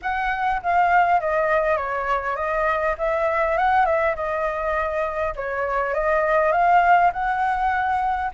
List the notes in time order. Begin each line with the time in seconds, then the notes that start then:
0.02 F#5
0.62 F5
1.20 D#5
1.76 C#5
2.36 D#5
2.98 E5
3.57 F#5
3.85 E5
4.15 D#5
5.35 C#5
5.94 D#5
6.52 F5
7.12 F#5